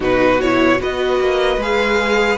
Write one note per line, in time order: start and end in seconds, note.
0.00 0.80 B2
0.00 0.38 D#4
0.00 0.79 F#4
0.00 0.40 B4
0.40 0.78 E4
0.40 0.80 C#5
0.78 1.19 B3
0.78 1.58 F#4
0.78 2.38 B4
0.78 1.62 D#5
1.19 1.57 A#3
1.57 2.37 G#3
1.57 2.38 G#4
1.57 2.38 F5